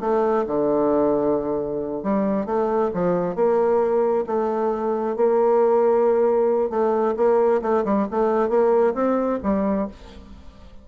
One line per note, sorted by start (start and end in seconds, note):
0.00 0.45 A3
0.47 2.03 D3
2.03 2.45 G3
2.45 2.90 A3
2.94 3.35 F3
3.35 4.25 A#3
4.26 5.16 A3
5.16 6.70 A#3
6.70 7.14 A3
7.16 7.61 A#3
7.62 7.84 A3
7.85 8.07 G3
8.11 8.49 A3
8.49 8.93 A#3
8.94 9.39 C4
9.43 9.88 G3